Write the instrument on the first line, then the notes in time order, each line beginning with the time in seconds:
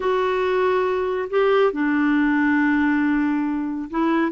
clarinet
0.00 F#4
1.29 G4
1.72 D4
3.90 E4